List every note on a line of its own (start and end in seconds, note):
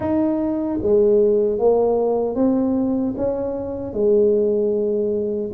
0.00 0.79 D#4
0.81 1.59 G#3
1.59 2.35 A#3
2.35 3.14 C4
3.16 3.93 C#4
3.93 5.50 G#3